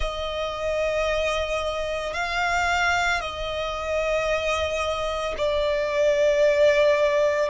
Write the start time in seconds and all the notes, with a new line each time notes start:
0.00 D#5
2.13 F5
3.20 D#5
5.37 D5